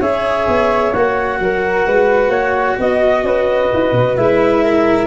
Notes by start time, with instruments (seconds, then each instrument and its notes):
0.00 tuba C#4, cello G#4, flute C#5, clarinet E5
0.47 tuba B3
0.93 tuba A#3, cello F#4, clarinet F#5
1.39 tuba F#3, flute A#4
1.86 tuba G#3, flute B4
2.28 tuba A#3, flute C#5
2.78 tuba B3, flute D#5, clarinet D#5
3.23 tuba C#4, flute B4
3.73 tuba E4
3.92 tuba B2
4.16 tuba G#3, cello E4, clarinet E5
4.63 flute A#4